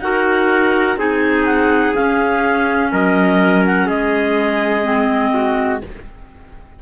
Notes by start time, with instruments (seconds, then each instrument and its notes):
0.00 cello D#4, clarinet F#4 F#5, trumpet A#4
0.96 cello C4, clarinet D#4 G#5, trumpet G#4
1.46 clarinet F#5
1.95 clarinet C#4 F5, cello C#4
2.92 cello F#3, trumpet A#4, clarinet D#5
3.66 clarinet F#5
3.86 cello G#3, trumpet G#4, clarinet D#5
4.84 clarinet C4
5.34 trumpet F#4